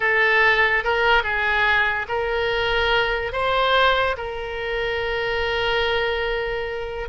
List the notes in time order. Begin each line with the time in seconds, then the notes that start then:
0.00 A4
0.83 A#4
1.23 G#4
2.08 A#4
3.32 C5
4.17 A#4